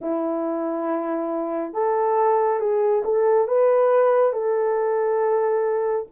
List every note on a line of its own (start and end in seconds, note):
0.01 1.73 E4
1.73 2.59 A4
2.59 3.02 G#4
3.04 3.47 A4
3.47 4.32 B4
4.32 6.06 A4